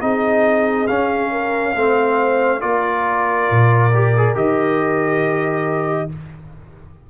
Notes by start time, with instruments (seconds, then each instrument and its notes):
0.00 tuba C4, trombone D#4, horn G#4, trumpet D#5
0.87 trombone C#4, tuba C#4, trumpet F5
1.31 horn A#4
1.75 tuba A3, trombone C4, horn C5
2.60 tuba A#3, trombone F4, horn A#4, trumpet D5
3.50 tuba A#2
3.94 trombone G4
4.17 trombone G#4
4.35 tuba D#3, trombone G4, trumpet D#5